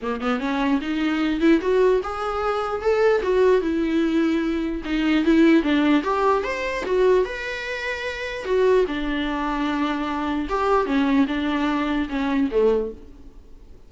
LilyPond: \new Staff \with { instrumentName = "viola" } { \time 4/4 \tempo 4 = 149 ais8 b8 cis'4 dis'4. e'8 | fis'4 gis'2 a'4 | fis'4 e'2. | dis'4 e'4 d'4 g'4 |
c''4 fis'4 b'2~ | b'4 fis'4 d'2~ | d'2 g'4 cis'4 | d'2 cis'4 a4 | }